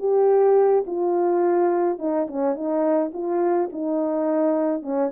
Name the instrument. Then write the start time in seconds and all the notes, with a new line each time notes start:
horn
0.00 G4
0.87 F4
1.99 D#4
2.28 C#4
2.55 D#4
3.14 F4
3.73 D#4
4.83 C#4